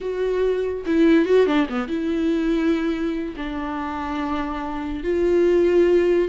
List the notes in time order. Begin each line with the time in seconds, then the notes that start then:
0.00 F#4
0.85 E4
1.25 F#4
1.46 D4
1.69 B3
1.88 E4
3.36 D4
5.03 F4